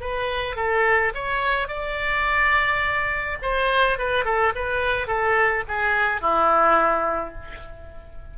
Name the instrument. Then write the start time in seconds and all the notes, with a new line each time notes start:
oboe
0.00 B4
0.56 A4
1.14 C#5
1.68 D5
3.41 C5
3.98 B4
4.24 A4
4.55 B4
5.07 A4
5.68 G#4
6.21 E4